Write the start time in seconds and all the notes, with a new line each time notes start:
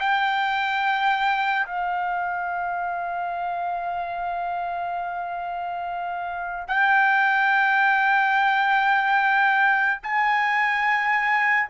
0.00 G5
1.66 F5
6.68 G5
10.03 G#5